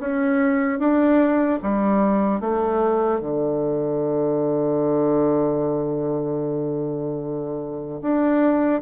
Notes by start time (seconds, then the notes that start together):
0.00 C#4
0.79 D4
1.62 G3
2.40 A3
3.20 D3
8.02 D4